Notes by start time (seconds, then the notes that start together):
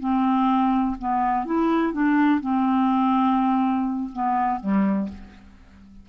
0.00 C4
0.99 B3
1.46 E4
1.93 D4
2.41 C4
4.13 B3
4.61 G3